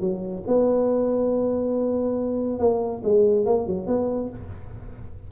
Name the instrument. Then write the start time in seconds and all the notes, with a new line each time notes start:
tuba
0.00 F#3
0.47 B3
2.59 A#3
3.04 G#3
3.45 A#3
3.67 F#3
3.87 B3